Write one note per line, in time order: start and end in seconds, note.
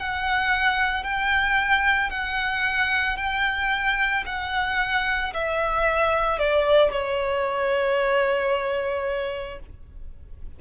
0.00 1.04 F#5
1.04 2.10 G5
2.10 3.17 F#5
3.17 4.24 G5
4.26 5.33 F#5
5.34 6.39 E5
6.39 6.92 D5
6.92 9.60 C#5